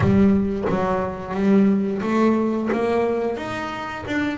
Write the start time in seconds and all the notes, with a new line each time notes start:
0.00 G3
0.69 F#3
1.34 G3
2.02 A3
2.72 A#3
3.36 D#4
4.06 D4